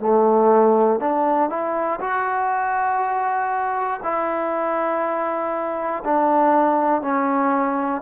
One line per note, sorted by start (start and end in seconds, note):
0.00 1.00 A3
1.00 1.50 D4
1.50 2.00 E4
2.00 4.00 F#4
4.03 6.03 E4
6.04 7.01 D4
7.01 8.01 C#4